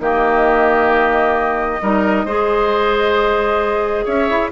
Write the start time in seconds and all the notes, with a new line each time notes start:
0.00 D#3 A#3 G4 D#5
1.82 G3 D#4 A#4
2.26 G#3 G#4 C5
4.06 C#4 C#5 E5
4.30 E4